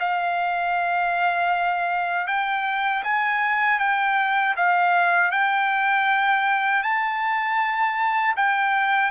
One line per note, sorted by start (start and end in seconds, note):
0.00 2.28 F5
2.28 3.04 G5
3.04 3.80 G#5
3.80 4.56 G5
4.57 5.32 F5
5.32 6.84 G5
6.84 8.35 A5
8.37 9.11 G5